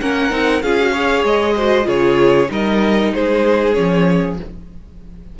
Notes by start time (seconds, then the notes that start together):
0.00 A#3 C#4 A#4 F#5
0.30 C4 D#4
0.62 C#4 F4 G#4 F5
0.79 F#4
0.91 G#4 C#5
1.23 G#3 D#5
1.55 F#4 C5
1.83 C#3 F4 G#4 C#5
2.47 G3 D#4 A#4 D#5
3.13 G#3 G#4 C5
3.73 F3 C#4 C#5